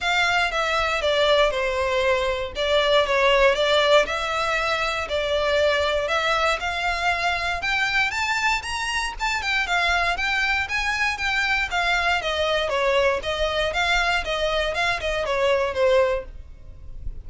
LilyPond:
\new Staff \with { instrumentName = "violin" } { \time 4/4 \tempo 4 = 118 f''4 e''4 d''4 c''4~ | c''4 d''4 cis''4 d''4 | e''2 d''2 | e''4 f''2 g''4 |
a''4 ais''4 a''8 g''8 f''4 | g''4 gis''4 g''4 f''4 | dis''4 cis''4 dis''4 f''4 | dis''4 f''8 dis''8 cis''4 c''4 | }